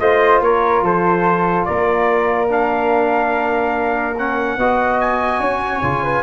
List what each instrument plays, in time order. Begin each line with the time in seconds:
0.00 tuba A3, trombone F4, flute C5, trumpet D#5
0.41 tuba A#3, flute A#4, trumpet C#5
0.82 tuba F3, flute A4, trumpet C5
1.65 tuba A#3, flute A#4, trumpet D5
2.49 trombone D4, trumpet F5
4.18 trombone C#4, trumpet F#5
4.58 tuba B3, trombone F#4, flute D#5
5.01 trumpet G#5
5.40 tuba C#4, flute C#5
5.83 tuba C#3, trombone F4
6.04 flute B4